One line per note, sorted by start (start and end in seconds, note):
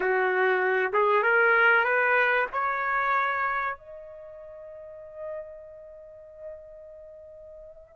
0.00 0.92 F#4
0.92 1.22 G#4
1.22 1.84 A#4
1.84 2.46 B4
2.52 3.77 C#5
3.77 7.95 D#5